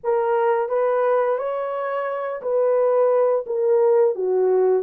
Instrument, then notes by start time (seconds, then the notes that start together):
horn
0.03 A#4
0.69 B4
1.38 C#5
2.41 B4
3.46 A#4
4.15 F#4